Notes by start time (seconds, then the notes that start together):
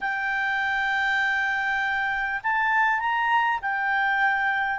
0.01 G5
2.43 A5
2.99 A#5
3.61 G5